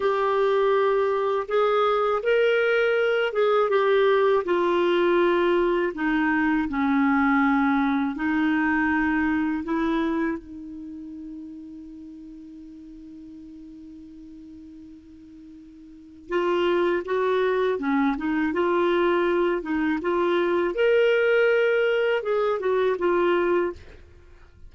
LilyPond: \new Staff \with { instrumentName = "clarinet" } { \time 4/4 \tempo 4 = 81 g'2 gis'4 ais'4~ | ais'8 gis'8 g'4 f'2 | dis'4 cis'2 dis'4~ | dis'4 e'4 dis'2~ |
dis'1~ | dis'2 f'4 fis'4 | cis'8 dis'8 f'4. dis'8 f'4 | ais'2 gis'8 fis'8 f'4 | }